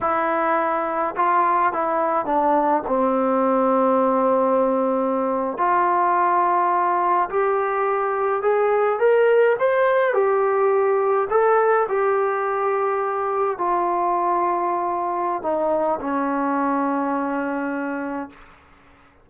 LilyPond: \new Staff \with { instrumentName = "trombone" } { \time 4/4 \tempo 4 = 105 e'2 f'4 e'4 | d'4 c'2.~ | c'4.~ c'16 f'2~ f'16~ | f'8. g'2 gis'4 ais'16~ |
ais'8. c''4 g'2 a'16~ | a'8. g'2. f'16~ | f'2. dis'4 | cis'1 | }